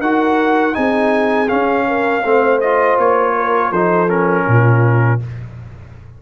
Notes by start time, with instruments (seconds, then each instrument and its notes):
0.00 tuba D#4, trombone F#4, horn A#4, trumpet F#5
0.74 tuba C4, trombone D#4, horn G#4, trumpet G#5
1.49 trombone C#4, tuba C#4, trumpet F5
1.88 horn A#4
2.24 tuba A3, trombone C4, horn C5
2.61 trombone F4, trumpet D#5
2.99 tuba A#3, trumpet C#5
3.35 horn A#4
3.71 tuba F3, trombone D#4, horn A4, trumpet C5
4.09 trombone C#4, trumpet A#4
4.45 tuba A#2, horn F4